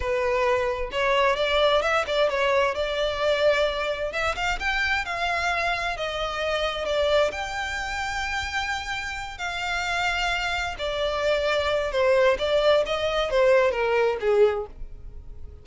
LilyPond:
\new Staff \with { instrumentName = "violin" } { \time 4/4 \tempo 4 = 131 b'2 cis''4 d''4 | e''8 d''8 cis''4 d''2~ | d''4 e''8 f''8 g''4 f''4~ | f''4 dis''2 d''4 |
g''1~ | g''8 f''2. d''8~ | d''2 c''4 d''4 | dis''4 c''4 ais'4 gis'4 | }